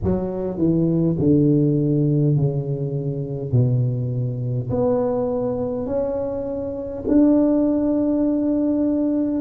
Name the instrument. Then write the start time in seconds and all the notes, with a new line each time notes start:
tuba
0.03 F#3
0.57 E3
1.18 D3
2.36 C#3
3.52 B2
4.70 B3
5.86 C#4
7.07 D4